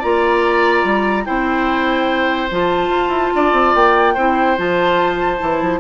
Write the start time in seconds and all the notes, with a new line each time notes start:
0.00 A#3 F4 D5 A#5
0.84 G3
1.25 C4 E4 C5 G5
2.51 F3 F4 A5
2.89 F4
3.09 E4
3.35 D4 D5
3.53 C4
3.75 A#3 G5
4.15 C4 E4 C5
4.57 F3 F4 A5
5.39 E3 E4
5.62 F3